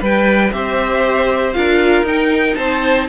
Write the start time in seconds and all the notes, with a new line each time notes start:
0.00 G3 B4 G5
0.53 C4 G4 C5 E5
1.53 D4 F4 A#4 F5
2.03 D#4 G5
2.56 C4 C5 A5